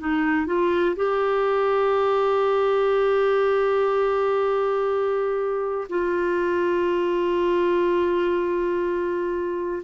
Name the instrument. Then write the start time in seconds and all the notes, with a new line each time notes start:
clarinet
0.00 D#4
0.47 F4
0.97 G4
5.90 F4